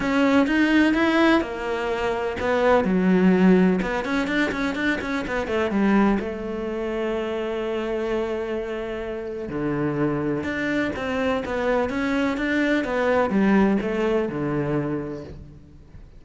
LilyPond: \new Staff \with { instrumentName = "cello" } { \time 4/4 \tempo 4 = 126 cis'4 dis'4 e'4 ais4~ | ais4 b4 fis2 | b8 cis'8 d'8 cis'8 d'8 cis'8 b8 a8 | g4 a2.~ |
a1 | d2 d'4 c'4 | b4 cis'4 d'4 b4 | g4 a4 d2 | }